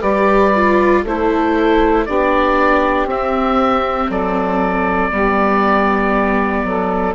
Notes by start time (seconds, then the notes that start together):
0.00 G3 G4 B4 D5
0.56 F4
1.03 A3 E4 A4 C5
2.06 B3 D4 G4 D5
3.06 C4 E5
4.09 F#3 A4 D5
5.12 G3 B3 G4
6.64 F#3 A4